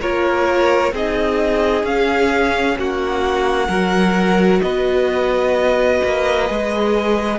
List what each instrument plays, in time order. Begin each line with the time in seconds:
0.00 cello A#3, viola F4, violin A#4 C#5
0.92 cello C4, viola D#4, violin G#4 D#5
1.83 cello C#4, viola C#4, violin F5
2.78 cello A#3, violin F#4 F#5
3.68 cello F#3, viola F#4, violin A#4
4.62 cello B3, violin B4 D#5
6.04 cello A#3
6.47 cello G#3, viola G#4